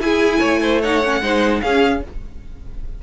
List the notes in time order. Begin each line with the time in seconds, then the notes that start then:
0.00 E4 G#4 G#5
0.39 A3 C#5
0.62 C5
0.81 D#4 C#5 F#5
1.04 C#4
1.21 G#3 D#4 C5
1.61 C#4 G#4 F5